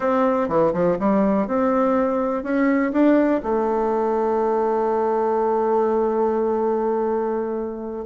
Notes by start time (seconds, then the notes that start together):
0.00 C4
0.48 E3
0.73 F3
0.99 G3
1.47 C4
2.43 C#4
2.92 D4
3.43 A3